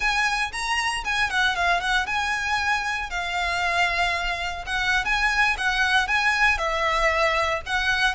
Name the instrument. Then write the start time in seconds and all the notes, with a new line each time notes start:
violin
0.00 G#5
0.52 A#5
1.04 G#5
1.30 F#5
1.55 F5
1.80 F#5
2.06 G#5
3.10 F5
4.66 F#5
5.04 G#5
5.57 F#5
6.07 G#5
6.58 E5
7.66 F#5